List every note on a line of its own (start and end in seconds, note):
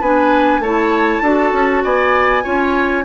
0.00 0.59 B3
0.00 0.63 D4
0.00 0.61 B4
0.00 0.62 G#5
0.59 1.20 A3
0.59 1.24 E4
0.59 1.22 C#5
0.59 1.83 A5
1.22 1.52 D4
1.22 2.43 F#4
1.22 1.83 A4
1.53 1.83 C#4
1.84 2.45 B3
1.84 2.43 D5
1.84 3.05 G#5
2.43 3.05 C#4
2.43 3.04 F4
2.43 3.04 C#5